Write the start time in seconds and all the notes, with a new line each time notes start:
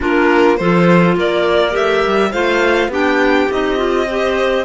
0.00 A#3 D4 F4 A#4
0.56 F3 F4 A4 C5
1.16 A#3 A#4 D5
1.71 A3 G4 E5
2.05 G3
2.31 A3 F4 C5 F5
2.88 B3 D4 G4 G5
3.50 C4 D#4 D#5
3.76 F4
4.07 G4 C5